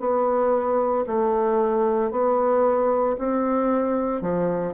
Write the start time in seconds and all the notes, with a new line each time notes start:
0.00 B3
1.07 A3
2.11 B3
3.19 C4
4.22 F3